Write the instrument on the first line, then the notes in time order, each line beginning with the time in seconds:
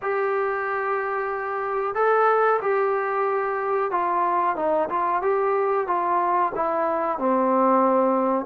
trombone
0.02 G4
1.94 A4
2.61 G4
3.91 F4
4.56 D#4
4.89 F4
5.22 G4
5.87 F4
6.55 E4
7.18 C4